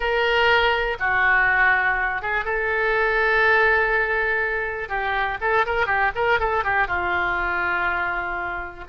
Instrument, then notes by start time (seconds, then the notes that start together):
oboe
0.00 A#4
0.99 F#4
2.22 G#4
2.44 A4
4.88 G4
5.41 A4
5.66 A#4
5.86 G4
6.15 A#4
6.39 A4
6.64 G4
6.87 F4